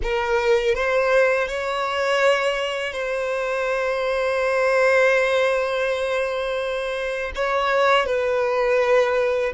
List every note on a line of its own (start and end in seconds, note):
0.03 0.74 A#4
0.74 1.47 C5
1.47 2.92 C#5
2.92 7.31 C5
7.35 8.06 C#5
8.06 9.52 B4